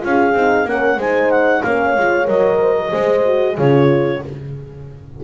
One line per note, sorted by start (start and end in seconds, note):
0.00 0.34 C#4
0.00 0.32 F4
0.00 0.69 G#4
0.00 0.68 F5
0.34 0.65 C4
0.34 0.67 D#4
0.65 0.97 A#3
0.65 0.99 C#4
0.65 0.98 A#4
0.65 1.00 F#5
0.97 1.61 G#3
0.97 1.65 D#4
0.97 1.62 C5
0.97 1.31 G#5
1.31 1.63 F#5
1.63 1.96 A#3
1.63 1.98 C#4
1.63 2.60 C#5
1.63 2.27 F5
1.96 2.27 G#3
1.96 2.24 F4
2.24 2.92 F#3
2.24 2.89 A#4
2.24 3.57 D#5
2.60 2.76 C5
2.77 2.92 A#4
2.89 3.58 G#3
2.89 3.21 G#4
2.89 3.56 C5
3.25 3.57 F#4
3.56 4.22 C#3
3.56 4.23 F4
3.56 4.20 G#4
3.56 4.24 C#5